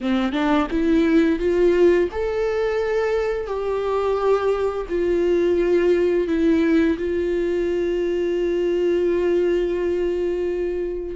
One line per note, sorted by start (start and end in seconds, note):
0.00 0.32 C4
0.32 0.67 D4
0.70 1.39 E4
1.39 2.09 F4
2.11 3.46 A4
3.46 4.86 G4
4.89 6.27 F4
6.27 6.97 E4
6.98 11.15 F4